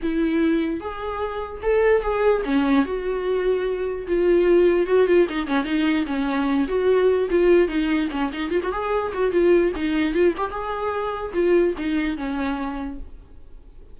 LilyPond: \new Staff \with { instrumentName = "viola" } { \time 4/4 \tempo 4 = 148 e'2 gis'2 | a'4 gis'4 cis'4 fis'4~ | fis'2 f'2 | fis'8 f'8 dis'8 cis'8 dis'4 cis'4~ |
cis'8 fis'4. f'4 dis'4 | cis'8 dis'8 f'16 fis'16 gis'4 fis'8 f'4 | dis'4 f'8 g'8 gis'2 | f'4 dis'4 cis'2 | }